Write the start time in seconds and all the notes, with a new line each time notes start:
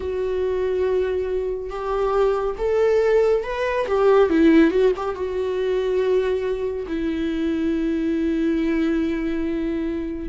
0.00 F#4
1.69 G4
2.58 A4
3.43 B4
3.87 G4
4.29 E4
4.70 F#4
4.96 G4
5.15 F#4
6.87 E4